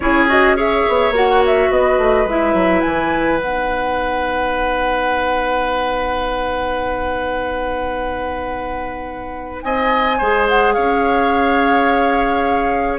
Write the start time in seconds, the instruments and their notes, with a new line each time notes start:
0.00 bassoon C#4, clarinet E4, oboe G#4, flute C#5
0.28 clarinet F#4, flute D#5
0.56 clarinet G#4, oboe C#5, flute E5
0.88 bassoon B3
1.10 bassoon A#3, clarinet F#4, flute F#5
1.46 flute E5
1.71 bassoon B3, oboe B4, flute D#5
1.98 bassoon A3
2.25 bassoon G#3, clarinet E4, flute E5
2.53 bassoon F#3
2.81 bassoon E3, flute G#5
3.37 bassoon B3, clarinet D#4, flute F#5
9.62 bassoon C4, oboe D#5, flute G#5
10.17 bassoon G#3, clarinet G#4, oboe C5
10.48 flute F#5
10.73 bassoon C#4, oboe C#5, flute F5